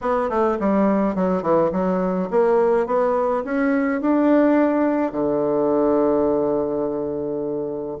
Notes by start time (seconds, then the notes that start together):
0.01 B3
0.29 A3
0.59 G3
1.15 F#3
1.42 E3
1.72 F#3
2.30 A#3
2.86 B3
3.44 C#4
4.01 D4
5.11 D3